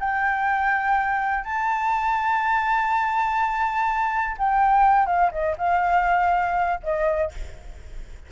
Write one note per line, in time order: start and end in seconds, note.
0.00 1.44 G5
1.44 4.37 A5
4.38 5.06 G5
5.06 5.31 F5
5.31 5.56 D#5
5.58 6.80 F5
6.83 7.32 D#5